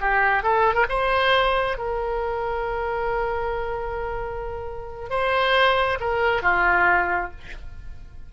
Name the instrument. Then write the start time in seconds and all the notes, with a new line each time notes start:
oboe
0.00 G4
0.43 A4
0.74 A#4
0.89 C5
1.77 A#4
5.09 C5
6.00 A#4
6.42 F4